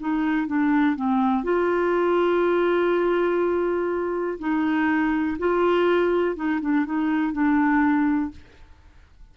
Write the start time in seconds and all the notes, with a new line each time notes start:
0.00 D#4
0.47 D4
0.96 C4
1.44 F4
4.39 D#4
5.39 F4
6.36 D#4
6.61 D4
6.85 D#4
7.32 D4